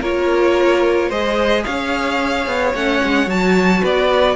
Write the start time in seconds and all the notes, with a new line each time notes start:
0.00 A#3 F4 A#4 C#5
1.08 G#3 G#4 C5 D#5
1.64 C#4 C#5 F5
2.46 B3
2.74 A3 C#4 F#5
3.03 G#3
3.26 F#3 F#4 A5
3.81 B3 B4 D5